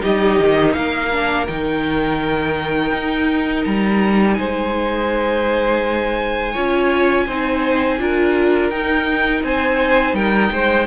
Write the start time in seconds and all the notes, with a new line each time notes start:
0.00 G3 D#4 G4 D#5
0.39 D#3
0.73 A#3 A#4 F5
1.11 D4
1.47 D#3 D#4 G5
2.93 D#4
3.64 G3 A#5
4.34 G#3 C5 G#5
6.52 C#4 F4 C#5
7.26 C4 D#4 C5
7.99 D4 F4 A#4
8.70 D#4 G5
9.42 C4 C5 G#5
10.13 G3 A#4 G5
10.52 G#3 C5